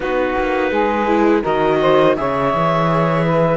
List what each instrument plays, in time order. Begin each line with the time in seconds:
0.00 cello B3, viola D#4, saxophone F#4, clarinet B4
0.38 cello A#3
0.71 cello G#3, saxophone G#4
1.06 viola E4
1.42 cello D#3, viola F#4, saxophone A#4, clarinet D#5
1.81 saxophone C5
2.16 cello C#3, viola G#4, saxophone C#5, clarinet E5
2.53 cello E3
3.25 saxophone B4